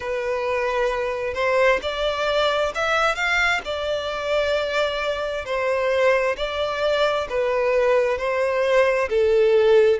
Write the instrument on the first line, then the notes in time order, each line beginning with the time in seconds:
violin
0.00 B4
1.34 C5
1.81 D5
2.74 E5
3.15 F5
3.64 D5
5.45 C5
6.36 D5
7.29 B4
8.18 C5
9.09 A4